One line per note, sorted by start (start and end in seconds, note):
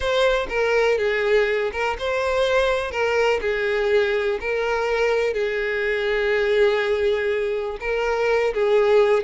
0.00 0.47 C5
0.49 0.98 A#4
0.98 1.71 G#4
1.72 1.96 A#4
1.98 2.91 C5
2.91 3.39 A#4
3.41 4.38 G#4
4.40 5.33 A#4
5.33 7.77 G#4
7.80 8.53 A#4
8.53 9.23 G#4